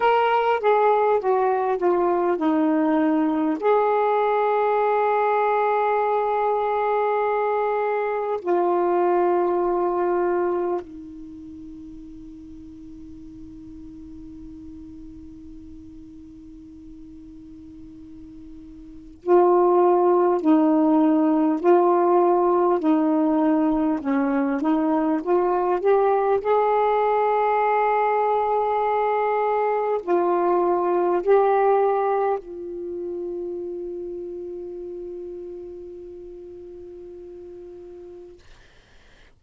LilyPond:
\new Staff \with { instrumentName = "saxophone" } { \time 4/4 \tempo 4 = 50 ais'8 gis'8 fis'8 f'8 dis'4 gis'4~ | gis'2. f'4~ | f'4 dis'2.~ | dis'1 |
f'4 dis'4 f'4 dis'4 | cis'8 dis'8 f'8 g'8 gis'2~ | gis'4 f'4 g'4 f'4~ | f'1 | }